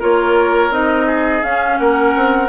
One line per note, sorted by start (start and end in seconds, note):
0.00 0.70 A#3
0.00 0.71 F4
0.00 1.07 A#4
0.00 0.73 C#5
0.70 1.42 C4
0.70 1.43 D#4
0.70 1.43 D#5
1.07 1.78 G#4
1.43 1.78 C#4
1.43 2.49 C#4
1.43 1.79 F5
1.79 2.15 A#3
1.79 2.49 A#4
1.79 2.49 F#5
2.16 2.49 C4